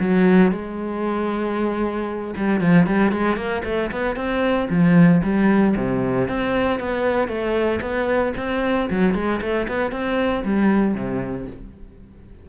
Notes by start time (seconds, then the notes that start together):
0.00 F#3
0.52 G#3
2.37 G3
2.61 F3
2.86 G3
3.12 G#3
3.37 A#3
3.65 A3
3.92 B3
4.16 C4
4.70 F3
5.24 G3
5.77 C3
6.29 C4
6.80 B3
7.28 A3
7.82 B3
8.37 C4
8.90 F#3
9.15 G#3
9.42 A3
9.68 B3
9.92 C4
10.45 G3
10.95 C3